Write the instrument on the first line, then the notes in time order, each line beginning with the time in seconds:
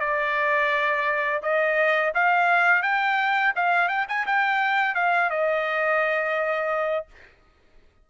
trumpet
0.00 D5
1.43 D#5
2.15 F5
2.83 G5
3.56 F5
3.89 G5
4.09 G#5
4.27 G5
4.95 F5
5.30 D#5